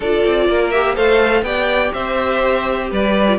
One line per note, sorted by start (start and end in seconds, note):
0.00 0.24 D4
0.00 0.73 F4
0.00 0.48 A4
0.00 0.70 D5
0.25 0.49 C4
0.49 0.97 A#3
0.49 0.95 A#4
0.70 0.96 G4
0.70 0.95 E5
0.95 1.42 A3
0.95 1.44 A4
0.95 1.43 C5
0.95 1.43 F5
1.42 1.90 B3
1.42 3.26 G4
1.42 1.93 D5
1.42 1.92 G5
1.93 2.91 C4
1.93 2.90 C5
1.93 2.90 E5
2.90 3.38 G3
2.90 3.38 B4
2.90 3.38 D5
3.27 3.38 F4